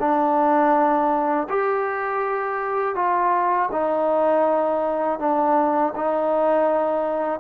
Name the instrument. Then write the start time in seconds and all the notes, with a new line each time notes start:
trombone
0.00 D4
1.50 G4
2.96 F4
3.72 D#4
5.20 D4
5.96 D#4